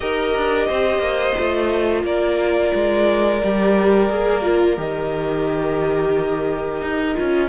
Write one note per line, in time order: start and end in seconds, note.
0.00 0.35 D#4
0.00 1.35 G4
0.00 0.67 A#4
0.00 2.03 D#5
0.35 0.69 D4
0.67 0.98 C4
0.67 2.04 C5
0.98 1.32 A#3
1.36 2.03 A3
1.36 3.40 F4
2.03 2.71 A#3
2.03 7.48 A#4
2.03 4.78 D5
2.74 3.42 G#3
3.43 4.09 G3
3.43 4.09 G4
4.09 4.77 A#3
4.09 4.42 G#4
4.42 4.76 F4
4.76 6.81 D#3
4.76 7.15 G4
4.76 7.48 D#5
6.81 7.15 D#4
7.15 7.48 C#4
7.15 7.48 F4